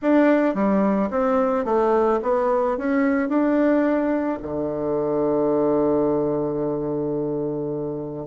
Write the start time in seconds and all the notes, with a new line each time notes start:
0.02 D4
0.54 G3
1.10 C4
1.64 A3
2.22 B3
2.77 C#4
3.29 D4
4.42 D3